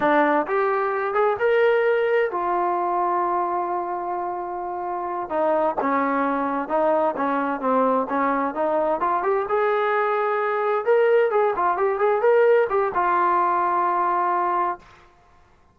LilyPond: \new Staff \with { instrumentName = "trombone" } { \time 4/4 \tempo 4 = 130 d'4 g'4. gis'8 ais'4~ | ais'4 f'2.~ | f'2.~ f'8 dis'8~ | dis'8 cis'2 dis'4 cis'8~ |
cis'8 c'4 cis'4 dis'4 f'8 | g'8 gis'2. ais'8~ | ais'8 gis'8 f'8 g'8 gis'8 ais'4 g'8 | f'1 | }